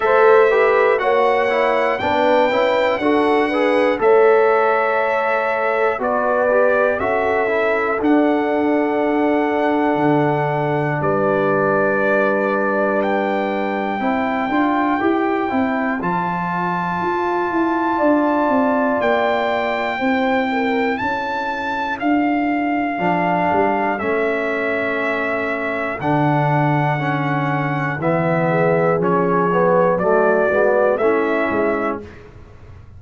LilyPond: <<
  \new Staff \with { instrumentName = "trumpet" } { \time 4/4 \tempo 4 = 60 e''4 fis''4 g''4 fis''4 | e''2 d''4 e''4 | fis''2. d''4~ | d''4 g''2. |
a''2. g''4~ | g''4 a''4 f''2 | e''2 fis''2 | e''4 cis''4 d''4 e''4 | }
  \new Staff \with { instrumentName = "horn" } { \time 4/4 c''8 b'8 cis''4 b'4 a'8 b'8 | cis''2 b'4 a'4~ | a'2. b'4~ | b'2 c''2~ |
c''2 d''2 | c''8 ais'8 a'2.~ | a'1~ | a'8 gis'4. fis'4 e'4 | }
  \new Staff \with { instrumentName = "trombone" } { \time 4/4 a'8 g'8 fis'8 e'8 d'8 e'8 fis'8 gis'8 | a'2 fis'8 g'8 fis'8 e'8 | d'1~ | d'2 e'8 f'8 g'8 e'8 |
f'1 | e'2. d'4 | cis'2 d'4 cis'4 | b4 cis'8 b8 a8 b8 cis'4 | }
  \new Staff \with { instrumentName = "tuba" } { \time 4/4 a4 ais4 b8 cis'8 d'4 | a2 b4 cis'4 | d'2 d4 g4~ | g2 c'8 d'8 e'8 c'8 |
f4 f'8 e'8 d'8 c'8 ais4 | c'4 cis'4 d'4 f8 g8 | a2 d2 | e4 f4 fis8 gis8 a8 gis8 | }
>>